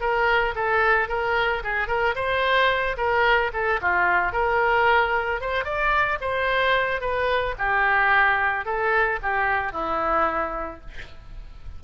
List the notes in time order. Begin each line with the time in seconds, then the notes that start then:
0.00 A#4
0.55 A4
1.08 A#4
1.63 G#4
1.87 A#4
2.15 C5
2.97 A#4
3.53 A4
3.81 F4
4.32 A#4
5.40 C5
5.64 D5
6.21 C5
7.00 B4
7.58 G4
8.65 A4
9.22 G4
9.72 E4